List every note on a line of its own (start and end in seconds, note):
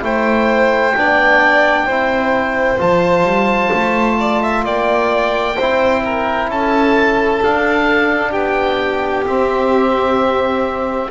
0.00 0.94 A3
0.00 0.92 E4
0.00 0.96 C5
0.00 2.80 G5
0.96 1.86 B3
0.96 1.88 D4
0.96 1.86 D5
1.86 2.78 C4
1.86 2.77 E4
1.86 4.17 C5
2.77 3.23 F3
2.77 5.54 F4
2.77 4.65 A5
3.23 3.70 G3
3.72 4.65 A3
4.19 4.42 D5
4.42 4.65 E5
4.65 5.57 A#3
4.65 5.56 D5
4.65 6.50 G5
5.56 6.49 C4
5.56 7.42 E4
5.56 6.02 C5
6.04 6.50 A#4
6.49 7.41 C#4
6.49 8.30 A4
6.49 7.43 A5
7.42 9.25 D4
7.42 8.34 D4
7.42 8.32 F5
8.30 9.26 B3
8.30 11.07 G4
8.30 9.24 G5
9.25 11.10 C4
9.25 11.10 E5